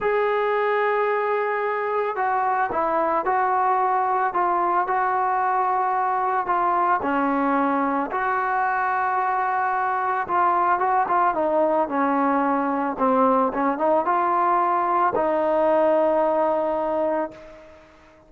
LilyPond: \new Staff \with { instrumentName = "trombone" } { \time 4/4 \tempo 4 = 111 gis'1 | fis'4 e'4 fis'2 | f'4 fis'2. | f'4 cis'2 fis'4~ |
fis'2. f'4 | fis'8 f'8 dis'4 cis'2 | c'4 cis'8 dis'8 f'2 | dis'1 | }